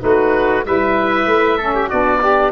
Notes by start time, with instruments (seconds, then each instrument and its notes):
0.00 tuba A3, saxophone D#4, trumpet F#4, oboe B4
0.65 tuba G3, saxophone E4, trumpet B4, oboe E5
1.26 tuba A3
1.58 saxophone C#4, trumpet A4
1.75 trumpet G4
1.89 tuba B3, saxophone D4, trumpet F#4, oboe D5
2.21 trumpet D4, saxophone G4